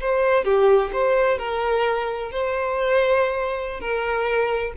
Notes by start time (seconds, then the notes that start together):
0.00 C5
0.44 G4
0.92 C5
1.38 A#4
2.31 C5
3.80 A#4